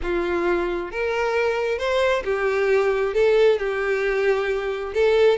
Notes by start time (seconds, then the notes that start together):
0.02 F4
0.91 A#4
1.78 C5
2.24 G4
3.14 A4
3.58 G4
4.94 A4